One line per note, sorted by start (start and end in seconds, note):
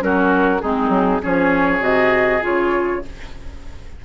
0.00 0.62 F#3
0.00 0.60 C#4
0.00 0.62 F#4
0.00 0.61 A#4
0.61 0.89 G#3
0.61 1.22 C4
0.61 1.22 D#4
0.61 1.21 G#4
0.89 1.19 F#3
1.22 1.80 F3
1.22 1.80 C#4
1.22 3.03 G#4
1.22 1.84 C#5
1.80 2.40 C3
1.80 2.40 F#4
1.80 2.44 D#5
2.42 3.04 C#3
2.42 3.02 F4
2.42 3.05 C#5